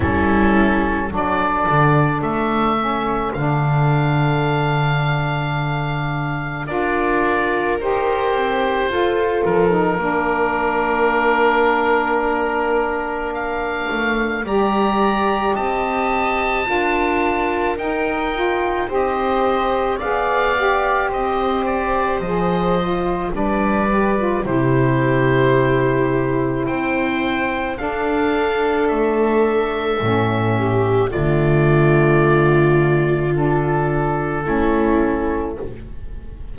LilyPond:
<<
  \new Staff \with { instrumentName = "oboe" } { \time 4/4 \tempo 4 = 54 a'4 d''4 e''4 f''4~ | f''2 d''4 c''4~ | c''8 ais'2.~ ais'8 | f''4 ais''4 a''2 |
g''4 dis''4 f''4 dis''8 d''8 | dis''4 d''4 c''2 | g''4 f''4 e''2 | d''2 a'2 | }
  \new Staff \with { instrumentName = "viola" } { \time 4/4 e'4 a'2.~ | a'2 ais'2 | a'4 ais'2.~ | ais'4 d''4 dis''4 ais'4~ |
ais'4 c''4 d''4 c''4~ | c''4 b'4 g'2 | c''4 a'2~ a'8 g'8 | f'2. e'4 | }
  \new Staff \with { instrumentName = "saxophone" } { \time 4/4 cis'4 d'4. cis'8 d'4~ | d'2 f'4 g'4 | f'8. dis'16 d'2.~ | d'4 g'2 f'4 |
dis'8 f'8 g'4 gis'8 g'4. | gis'8 f'8 d'8 g'16 f'16 e'2~ | e'4 d'2 cis'4 | a2 d'4 cis'4 | }
  \new Staff \with { instrumentName = "double bass" } { \time 4/4 g4 fis8 d8 a4 d4~ | d2 d'4 dis'8 c'8 | f'8 f8 ais2.~ | ais8 a8 g4 c'4 d'4 |
dis'4 c'4 b4 c'4 | f4 g4 c2 | c'4 d'4 a4 a,4 | d2. a4 | }
>>